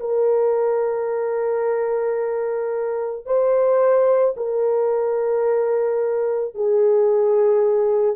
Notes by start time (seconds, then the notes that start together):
0.00 A#4
3.26 C5
4.37 A#4
6.55 G#4